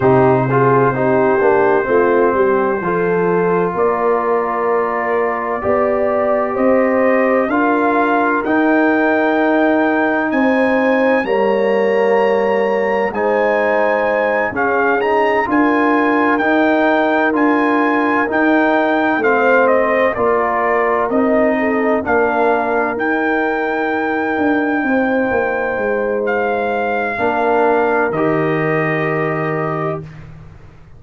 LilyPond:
<<
  \new Staff \with { instrumentName = "trumpet" } { \time 4/4 \tempo 4 = 64 c''1 | d''2. dis''4 | f''4 g''2 gis''4 | ais''2 gis''4. f''8 |
ais''8 gis''4 g''4 gis''4 g''8~ | g''8 f''8 dis''8 d''4 dis''4 f''8~ | f''8 g''2.~ g''8 | f''2 dis''2 | }
  \new Staff \with { instrumentName = "horn" } { \time 4/4 g'8 gis'8 g'4 f'8 g'8 a'4 | ais'2 d''4 c''4 | ais'2. c''4 | cis''2 c''4. gis'8~ |
gis'8 ais'2.~ ais'8~ | ais'8 c''4 ais'4. a'8 ais'8~ | ais'2~ ais'8 c''4.~ | c''4 ais'2. | }
  \new Staff \with { instrumentName = "trombone" } { \time 4/4 dis'8 f'8 dis'8 d'8 c'4 f'4~ | f'2 g'2 | f'4 dis'2. | ais2 dis'4. cis'8 |
dis'8 f'4 dis'4 f'4 dis'8~ | dis'8 c'4 f'4 dis'4 d'8~ | d'8 dis'2.~ dis'8~ | dis'4 d'4 g'2 | }
  \new Staff \with { instrumentName = "tuba" } { \time 4/4 c4 c'8 ais8 a8 g8 f4 | ais2 b4 c'4 | d'4 dis'2 c'4 | g2 gis4. cis'8~ |
cis'8 d'4 dis'4 d'4 dis'8~ | dis'8 a4 ais4 c'4 ais8~ | ais8 dis'4. d'8 c'8 ais8 gis8~ | gis4 ais4 dis2 | }
>>